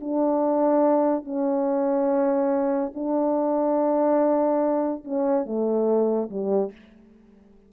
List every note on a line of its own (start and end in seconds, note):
0.00 1.24 D4
1.24 2.92 C#4
2.94 5.04 D4
5.04 5.45 C#4
5.45 6.29 A3
6.30 6.72 G3